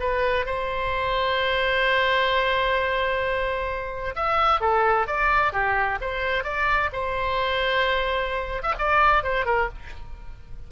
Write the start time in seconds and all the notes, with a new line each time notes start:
0.00 B4
0.46 C5
4.16 E5
4.61 A4
5.07 D5
5.53 G4
6.01 C5
6.44 D5
6.93 C5
8.63 E5
8.79 D5
9.23 C5
9.46 A#4